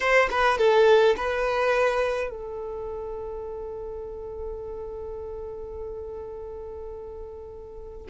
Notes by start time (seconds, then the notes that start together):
0.00 C5
0.30 B4
0.58 A4
1.17 B4
2.30 A4